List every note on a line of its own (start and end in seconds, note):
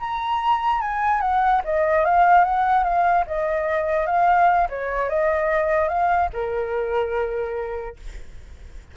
0.00 0.81 A#5
0.81 1.22 G#5
1.22 1.62 F#5
1.65 2.05 D#5
2.05 2.45 F5
2.45 2.84 F#5
2.84 3.25 F5
3.27 4.07 D#5
4.07 4.68 F5
4.70 5.10 C#5
5.10 5.89 D#5
5.89 6.29 F5
6.34 7.97 A#4